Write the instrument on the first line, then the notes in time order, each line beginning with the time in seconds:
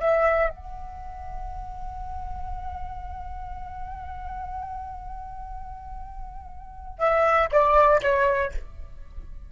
flute
0.00 E5
0.49 F#5
6.99 E5
7.52 D5
8.03 C#5